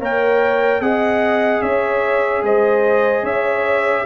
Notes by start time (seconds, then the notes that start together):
0.00 A#3 A#4 C#5 G5
0.81 C4 G#4 D#5 F#5
1.62 C#4 C#5 E5
2.43 G#3 C5 D#5
3.23 C#4 C#5 E5